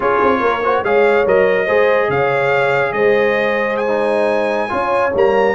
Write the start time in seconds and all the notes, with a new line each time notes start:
0.00 C#4 F4 G#4 C#5
0.22 C4
0.40 A#3 A#4
0.63 F#4 C5
0.83 G#3 G#4 C#5 F5
1.26 F#3 A#4 D#5
1.65 G#3 G#4 C5
2.08 C#3 C#5 F5
2.92 G#3 C5 D#5
3.76 G#5
3.87 D#4
4.69 C#4 F4 C#5
5.14 G3 A#3 A#5